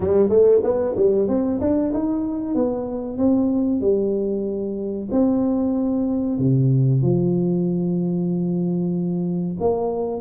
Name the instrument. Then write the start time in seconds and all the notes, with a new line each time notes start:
tuba
0.00 G3
0.29 A3
0.63 B3
0.96 G3
1.28 C4
1.60 D4
1.93 D#4
2.54 B3
3.17 C4
3.80 G3
5.11 C4
6.38 C3
7.02 F3
9.60 A#3